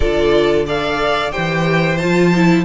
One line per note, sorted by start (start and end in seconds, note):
0.00 1.32 D3
0.00 0.67 F4
0.00 0.65 A4
0.00 0.66 D5
0.66 1.32 A4
0.66 1.32 D5
0.66 1.31 F5
1.31 2.03 E3
1.31 1.99 G4
1.31 2.65 C5
1.31 1.97 G5
1.97 2.65 F3
1.97 2.34 F4
1.97 2.64 A5
2.34 2.65 E4